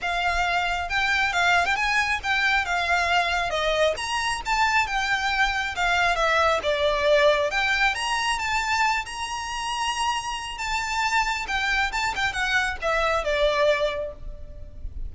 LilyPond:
\new Staff \with { instrumentName = "violin" } { \time 4/4 \tempo 4 = 136 f''2 g''4 f''8. g''16 | gis''4 g''4 f''2 | dis''4 ais''4 a''4 g''4~ | g''4 f''4 e''4 d''4~ |
d''4 g''4 ais''4 a''4~ | a''8 ais''2.~ ais''8 | a''2 g''4 a''8 g''8 | fis''4 e''4 d''2 | }